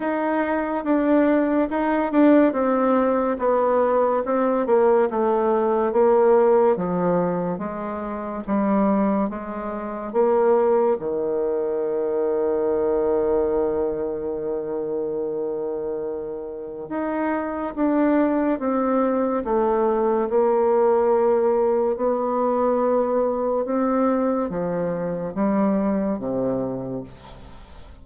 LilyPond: \new Staff \with { instrumentName = "bassoon" } { \time 4/4 \tempo 4 = 71 dis'4 d'4 dis'8 d'8 c'4 | b4 c'8 ais8 a4 ais4 | f4 gis4 g4 gis4 | ais4 dis2.~ |
dis1 | dis'4 d'4 c'4 a4 | ais2 b2 | c'4 f4 g4 c4 | }